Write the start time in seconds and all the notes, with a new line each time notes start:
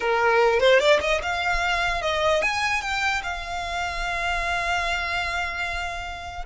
0.00 A#4
0.60 C5
0.79 D5
1.01 D#5
1.22 F5
2.01 D#5
2.42 G#5
2.81 G5
3.23 F5